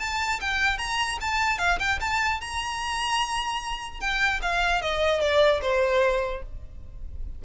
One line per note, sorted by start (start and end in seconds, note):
0.00 0.40 A5
0.40 0.78 G5
0.78 1.19 A#5
1.21 1.59 A5
1.59 1.79 F5
1.79 1.99 G5
2.01 2.41 A5
2.41 4.00 A#5
4.00 4.41 G5
4.42 4.82 F5
4.82 5.21 D#5
5.21 5.61 D5
5.62 6.42 C5